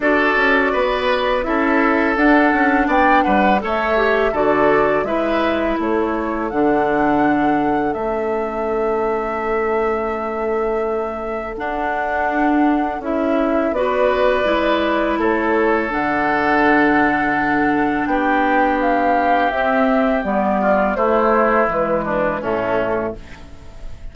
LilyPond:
<<
  \new Staff \with { instrumentName = "flute" } { \time 4/4 \tempo 4 = 83 d''2 e''4 fis''4 | g''8 fis''8 e''4 d''4 e''4 | cis''4 fis''2 e''4~ | e''1 |
fis''2 e''4 d''4~ | d''4 cis''4 fis''2~ | fis''4 g''4 f''4 e''4 | d''4 c''4 b'4 a'4 | }
  \new Staff \with { instrumentName = "oboe" } { \time 4/4 a'4 b'4 a'2 | d''8 b'8 cis''4 a'4 b'4 | a'1~ | a'1~ |
a'2. b'4~ | b'4 a'2.~ | a'4 g'2.~ | g'8 f'8 e'4. d'8 cis'4 | }
  \new Staff \with { instrumentName = "clarinet" } { \time 4/4 fis'2 e'4 d'4~ | d'4 a'8 g'8 fis'4 e'4~ | e'4 d'2 cis'4~ | cis'1 |
d'2 e'4 fis'4 | e'2 d'2~ | d'2. c'4 | b4 a4 gis4 a4 | }
  \new Staff \with { instrumentName = "bassoon" } { \time 4/4 d'8 cis'8 b4 cis'4 d'8 cis'8 | b8 g8 a4 d4 gis4 | a4 d2 a4~ | a1 |
d'2 cis'4 b4 | gis4 a4 d2~ | d4 b2 c'4 | g4 a4 e4 a,4 | }
>>